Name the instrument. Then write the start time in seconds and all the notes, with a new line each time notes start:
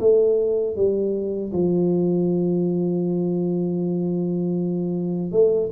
tuba
0.00 A3
0.76 G3
1.53 F3
5.32 A3